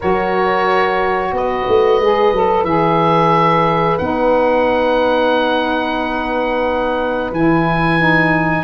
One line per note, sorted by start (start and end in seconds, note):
0.00 1.32 F#3
0.00 2.01 F#4
0.00 1.31 A#4
0.00 1.34 C#5
1.32 1.65 B3
1.32 8.63 B4
1.32 2.64 D#5
1.68 1.99 A3
1.99 2.32 G#3
1.99 2.33 G#4
2.32 2.63 F#3
2.32 2.66 A4
2.63 3.97 E3
2.63 3.99 G#4
2.63 3.97 E5
3.97 7.31 B3
3.97 7.33 D#4
3.97 7.31 F#5
7.31 8.63 E3
7.31 7.98 E4
7.31 8.63 G#5
7.98 8.63 D#4